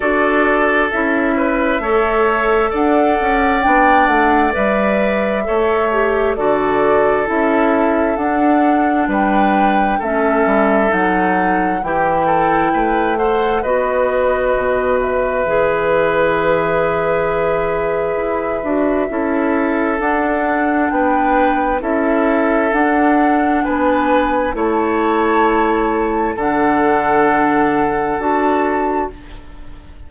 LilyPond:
<<
  \new Staff \with { instrumentName = "flute" } { \time 4/4 \tempo 4 = 66 d''4 e''2 fis''4 | g''8 fis''8 e''2 d''4 | e''4 fis''4 g''4 e''4 | fis''4 g''4. fis''8 dis''4~ |
dis''8 e''2.~ e''8~ | e''2 fis''4 g''4 | e''4 fis''4 gis''4 a''4~ | a''4 fis''2 a''4 | }
  \new Staff \with { instrumentName = "oboe" } { \time 4/4 a'4. b'8 cis''4 d''4~ | d''2 cis''4 a'4~ | a'2 b'4 a'4~ | a'4 g'8 a'8 b'8 c''8 b'4~ |
b'1~ | b'4 a'2 b'4 | a'2 b'4 cis''4~ | cis''4 a'2. | }
  \new Staff \with { instrumentName = "clarinet" } { \time 4/4 fis'4 e'4 a'2 | d'4 b'4 a'8 g'8 fis'4 | e'4 d'2 cis'4 | dis'4 e'4. a'8 fis'4~ |
fis'4 gis'2.~ | gis'8 fis'8 e'4 d'2 | e'4 d'2 e'4~ | e'4 d'2 fis'4 | }
  \new Staff \with { instrumentName = "bassoon" } { \time 4/4 d'4 cis'4 a4 d'8 cis'8 | b8 a8 g4 a4 d4 | cis'4 d'4 g4 a8 g8 | fis4 e4 a4 b4 |
b,4 e2. | e'8 d'8 cis'4 d'4 b4 | cis'4 d'4 b4 a4~ | a4 d2 d'4 | }
>>